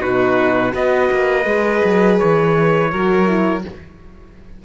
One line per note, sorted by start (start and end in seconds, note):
0.00 0.74 B2
0.00 0.72 D#4
0.00 0.72 F#4
0.00 0.74 B4
0.72 1.10 B3
0.72 1.44 F#4
0.72 2.91 B4
0.72 2.19 D#5
1.11 1.45 A#3
1.45 1.82 G#3
1.45 2.91 G#4
1.85 2.21 F#3
2.19 2.92 E3
2.19 3.64 C#5
2.91 3.65 F#3
2.91 3.27 F#4
2.91 3.64 A#4
3.27 3.63 E4